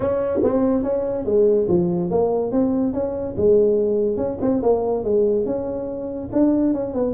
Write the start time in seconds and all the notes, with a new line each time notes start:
0.00 C#4
0.43 C4
0.83 C#4
1.25 G#3
1.68 F3
2.10 A#3
2.51 C4
2.93 C#4
3.37 G#3
4.17 C#4
4.41 C4
4.62 A#3
5.04 G#3
5.45 C#4
6.32 D4
6.73 C#4
6.93 B3